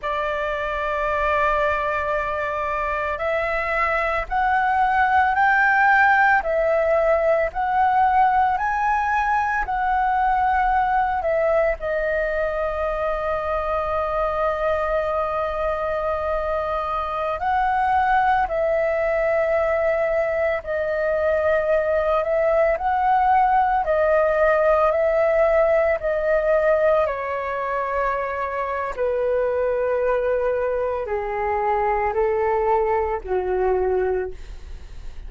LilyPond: \new Staff \with { instrumentName = "flute" } { \time 4/4 \tempo 4 = 56 d''2. e''4 | fis''4 g''4 e''4 fis''4 | gis''4 fis''4. e''8 dis''4~ | dis''1~ |
dis''16 fis''4 e''2 dis''8.~ | dis''8. e''8 fis''4 dis''4 e''8.~ | e''16 dis''4 cis''4.~ cis''16 b'4~ | b'4 gis'4 a'4 fis'4 | }